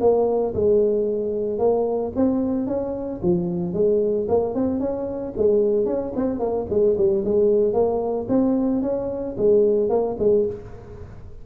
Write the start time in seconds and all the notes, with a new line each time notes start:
0.00 A#3
0.54 G#3
1.58 A#3
2.16 C4
2.67 C#4
3.22 F3
3.73 G#3
4.28 A#3
4.54 C4
4.79 C#4
5.37 G#3
5.85 C#4
6.16 C4
6.39 A#3
6.69 G#3
6.97 G3
7.24 G#3
7.73 A#3
8.28 C4
8.82 C#4
9.37 G#3
9.89 A#3
10.19 G#3